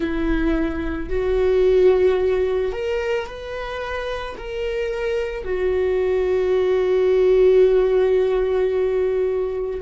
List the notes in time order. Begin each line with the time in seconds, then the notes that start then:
0.00 E4
1.09 F#4
2.72 A#4
3.27 B4
4.37 A#4
5.44 F#4